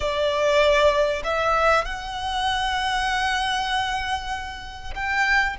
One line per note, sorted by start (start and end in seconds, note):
0.00 1.22 D5
1.24 1.84 E5
1.84 4.94 F#5
4.94 5.56 G5